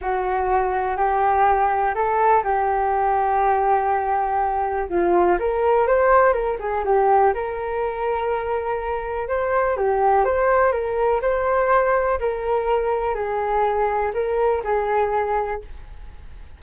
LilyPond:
\new Staff \with { instrumentName = "flute" } { \time 4/4 \tempo 4 = 123 fis'2 g'2 | a'4 g'2.~ | g'2 f'4 ais'4 | c''4 ais'8 gis'8 g'4 ais'4~ |
ais'2. c''4 | g'4 c''4 ais'4 c''4~ | c''4 ais'2 gis'4~ | gis'4 ais'4 gis'2 | }